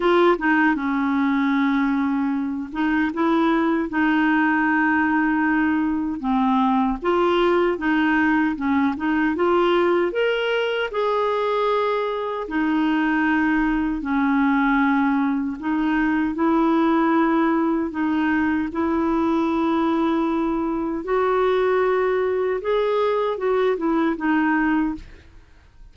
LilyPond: \new Staff \with { instrumentName = "clarinet" } { \time 4/4 \tempo 4 = 77 f'8 dis'8 cis'2~ cis'8 dis'8 | e'4 dis'2. | c'4 f'4 dis'4 cis'8 dis'8 | f'4 ais'4 gis'2 |
dis'2 cis'2 | dis'4 e'2 dis'4 | e'2. fis'4~ | fis'4 gis'4 fis'8 e'8 dis'4 | }